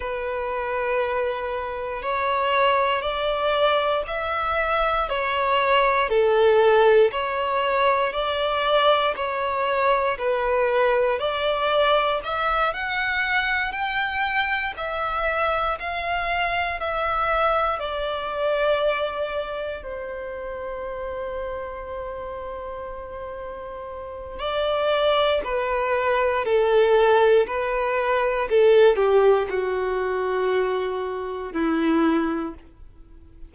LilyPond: \new Staff \with { instrumentName = "violin" } { \time 4/4 \tempo 4 = 59 b'2 cis''4 d''4 | e''4 cis''4 a'4 cis''4 | d''4 cis''4 b'4 d''4 | e''8 fis''4 g''4 e''4 f''8~ |
f''8 e''4 d''2 c''8~ | c''1 | d''4 b'4 a'4 b'4 | a'8 g'8 fis'2 e'4 | }